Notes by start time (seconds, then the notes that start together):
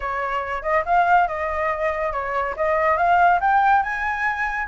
0.00 C#5
0.62 D#5
0.85 F5
1.27 D#5
2.12 C#5
2.56 D#5
2.97 F5
3.40 G5
3.82 G#5